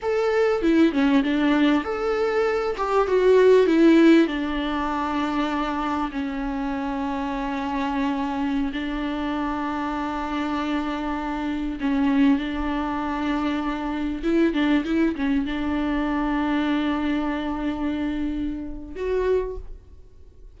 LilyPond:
\new Staff \with { instrumentName = "viola" } { \time 4/4 \tempo 4 = 98 a'4 e'8 cis'8 d'4 a'4~ | a'8 g'8 fis'4 e'4 d'4~ | d'2 cis'2~ | cis'2~ cis'16 d'4.~ d'16~ |
d'2.~ d'16 cis'8.~ | cis'16 d'2. e'8 d'16~ | d'16 e'8 cis'8 d'2~ d'8.~ | d'2. fis'4 | }